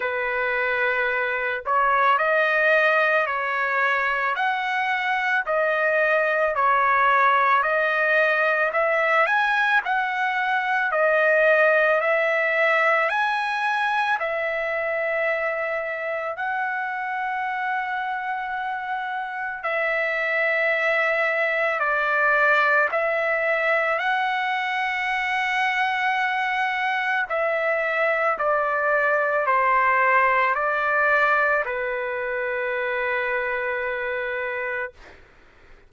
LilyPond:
\new Staff \with { instrumentName = "trumpet" } { \time 4/4 \tempo 4 = 55 b'4. cis''8 dis''4 cis''4 | fis''4 dis''4 cis''4 dis''4 | e''8 gis''8 fis''4 dis''4 e''4 | gis''4 e''2 fis''4~ |
fis''2 e''2 | d''4 e''4 fis''2~ | fis''4 e''4 d''4 c''4 | d''4 b'2. | }